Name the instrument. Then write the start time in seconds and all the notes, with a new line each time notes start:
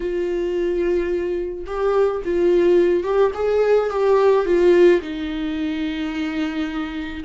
viola
0.00 F4
1.66 G4
2.24 F4
3.03 G4
3.34 G#4
3.90 G4
4.45 F4
5.01 D#4